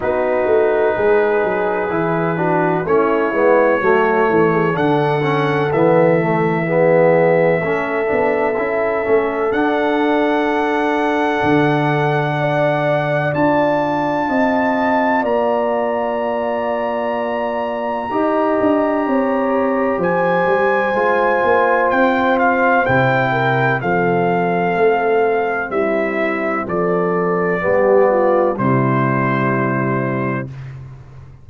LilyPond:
<<
  \new Staff \with { instrumentName = "trumpet" } { \time 4/4 \tempo 4 = 63 b'2. cis''4~ | cis''4 fis''4 e''2~ | e''2 fis''2~ | fis''2 a''2 |
ais''1~ | ais''4 gis''2 g''8 f''8 | g''4 f''2 e''4 | d''2 c''2 | }
  \new Staff \with { instrumentName = "horn" } { \time 4/4 fis'4 gis'4. fis'8 e'4 | fis'8 a'16 gis'16 a'2 gis'4 | a'1~ | a'4 d''2 dis''4 |
d''2. dis''4 | cis''4 c''2.~ | c''8 ais'8 a'2 e'4 | a'4 g'8 f'8 e'2 | }
  \new Staff \with { instrumentName = "trombone" } { \time 4/4 dis'2 e'8 d'8 cis'8 b8 | a4 d'8 cis'8 b8 a8 b4 | cis'8 d'8 e'8 cis'8 d'2~ | d'2 f'2~ |
f'2. g'4~ | g'2 f'2 | e'4 c'2.~ | c'4 b4 g2 | }
  \new Staff \with { instrumentName = "tuba" } { \time 4/4 b8 a8 gis8 fis8 e4 a8 gis8 | fis8 e8 d4 e2 | a8 b8 cis'8 a8 d'2 | d2 d'4 c'4 |
ais2. dis'8 d'8 | c'4 f8 g8 gis8 ais8 c'4 | c4 f4 a4 g4 | f4 g4 c2 | }
>>